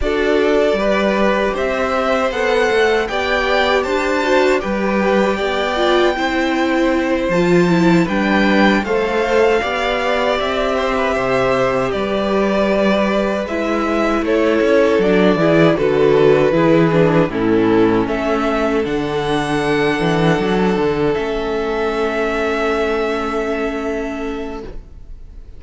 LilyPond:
<<
  \new Staff \with { instrumentName = "violin" } { \time 4/4 \tempo 4 = 78 d''2 e''4 fis''4 | g''4 a''4 g''2~ | g''4. a''4 g''4 f''8~ | f''4. e''2 d''8~ |
d''4. e''4 cis''4 d''8~ | d''8 b'2 a'4 e''8~ | e''8 fis''2. e''8~ | e''1 | }
  \new Staff \with { instrumentName = "violin" } { \time 4/4 a'4 b'4 c''2 | d''4 c''4 b'4 d''4 | c''2~ c''8 b'4 c''8~ | c''8 d''4. c''16 b'16 c''4 b'8~ |
b'2~ b'8 a'4. | gis'8 a'4 gis'4 e'4 a'8~ | a'1~ | a'1 | }
  \new Staff \with { instrumentName = "viola" } { \time 4/4 fis'4 g'2 a'4 | g'4. fis'8 g'4. f'8 | e'4. f'8 e'8 d'4 a'8~ | a'8 g'2.~ g'8~ |
g'4. e'2 d'8 | e'8 fis'4 e'8 d'8 cis'4.~ | cis'8 d'2. cis'8~ | cis'1 | }
  \new Staff \with { instrumentName = "cello" } { \time 4/4 d'4 g4 c'4 b8 a8 | b4 d'4 g4 b4 | c'4. f4 g4 a8~ | a8 b4 c'4 c4 g8~ |
g4. gis4 a8 cis'8 fis8 | e8 d4 e4 a,4 a8~ | a8 d4. e8 fis8 d8 a8~ | a1 | }
>>